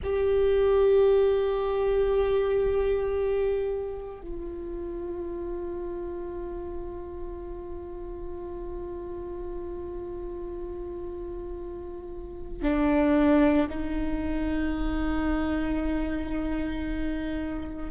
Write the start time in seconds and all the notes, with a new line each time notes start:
0.02 G4
4.21 F4
12.62 D4
13.69 D#4